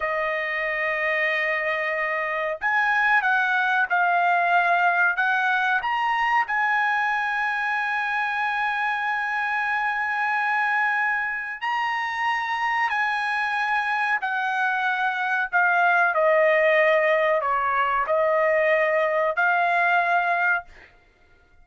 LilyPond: \new Staff \with { instrumentName = "trumpet" } { \time 4/4 \tempo 4 = 93 dis''1 | gis''4 fis''4 f''2 | fis''4 ais''4 gis''2~ | gis''1~ |
gis''2 ais''2 | gis''2 fis''2 | f''4 dis''2 cis''4 | dis''2 f''2 | }